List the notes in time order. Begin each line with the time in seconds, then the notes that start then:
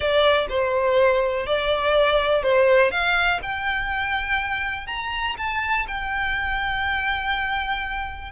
0.00 D5
0.49 C5
1.46 D5
2.43 C5
2.91 F5
3.42 G5
4.86 A#5
5.37 A5
5.87 G5